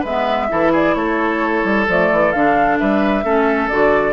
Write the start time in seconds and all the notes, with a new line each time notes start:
0.00 G#3 B4 E5
0.07 B3
0.49 E3 E4 A4
0.72 G#4 D5
0.95 A3 A4 C#5
1.64 G3
1.88 F3 A3 D5
2.11 E3
2.32 D3 D4 F5
2.78 G3 B4 E5
3.24 A3 C#4 A4
3.69 D3 F#4 D5